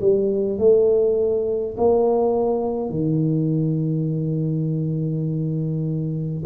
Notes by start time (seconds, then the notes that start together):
0.00 G3
0.58 A3
1.76 A#3
2.90 D#3